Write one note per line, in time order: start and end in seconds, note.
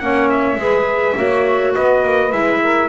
0.00 0.56 A#3
0.00 0.58 C#4
0.00 0.60 C#5
0.00 0.29 F#5
0.30 1.74 E5
0.56 1.14 G#3
0.56 1.16 G#4
0.56 1.17 B4
1.16 1.75 A#3
1.16 2.31 F#4
1.16 1.74 C#5
1.74 2.04 B3
1.74 2.60 B4
1.74 2.32 D#5
2.04 2.33 A#3
2.32 2.89 G#3
2.32 2.89 E4
2.32 2.89 E5
2.62 2.89 A#4